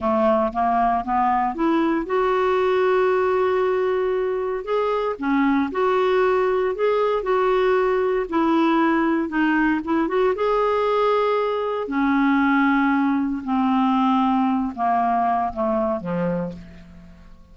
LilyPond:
\new Staff \with { instrumentName = "clarinet" } { \time 4/4 \tempo 4 = 116 a4 ais4 b4 e'4 | fis'1~ | fis'4 gis'4 cis'4 fis'4~ | fis'4 gis'4 fis'2 |
e'2 dis'4 e'8 fis'8 | gis'2. cis'4~ | cis'2 c'2~ | c'8 ais4. a4 f4 | }